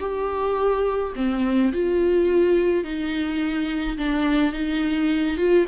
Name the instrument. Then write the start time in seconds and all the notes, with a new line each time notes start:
viola
0.00 G4
1.16 C4
1.73 F4
2.84 D#4
3.98 D4
4.53 D#4
5.37 F4